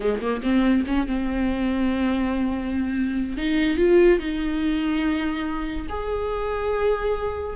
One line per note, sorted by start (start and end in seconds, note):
0.00 0.20 G#3
0.20 0.41 A#3
0.42 0.84 C4
0.86 1.07 C#4
1.07 3.37 C4
3.37 3.77 D#4
3.77 4.19 F4
4.19 5.87 D#4
5.89 7.56 G#4